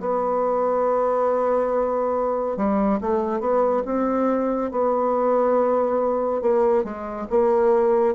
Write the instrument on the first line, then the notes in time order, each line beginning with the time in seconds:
bassoon
0.00 B3
2.57 G3
3.01 A3
3.40 B3
3.86 C4
4.71 B3
6.42 A#3
6.84 G#3
7.30 A#3